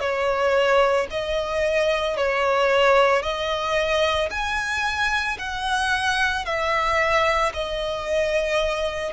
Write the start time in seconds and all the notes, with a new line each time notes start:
0.00 C#5
1.11 D#5
2.17 C#5
3.22 D#5
4.31 G#5
5.39 F#5
6.45 E5
7.54 D#5